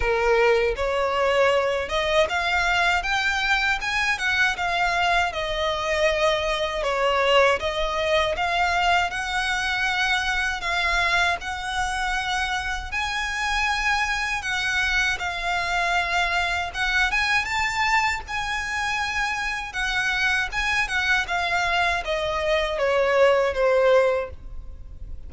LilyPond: \new Staff \with { instrumentName = "violin" } { \time 4/4 \tempo 4 = 79 ais'4 cis''4. dis''8 f''4 | g''4 gis''8 fis''8 f''4 dis''4~ | dis''4 cis''4 dis''4 f''4 | fis''2 f''4 fis''4~ |
fis''4 gis''2 fis''4 | f''2 fis''8 gis''8 a''4 | gis''2 fis''4 gis''8 fis''8 | f''4 dis''4 cis''4 c''4 | }